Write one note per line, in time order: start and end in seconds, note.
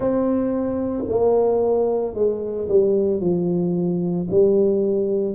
0.00 1.04 C4
1.08 2.14 A#3
2.14 2.68 G#3
2.68 3.20 G3
3.20 4.27 F3
4.30 5.35 G3